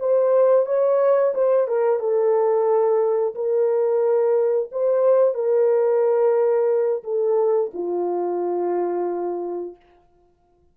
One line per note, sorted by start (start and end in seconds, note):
0.00 0.66 C5
0.66 1.34 C#5
1.35 1.68 C5
1.68 2.00 A#4
2.00 3.35 A4
3.35 4.70 A#4
4.72 5.35 C5
5.35 7.03 A#4
7.04 7.71 A4
7.74 9.76 F4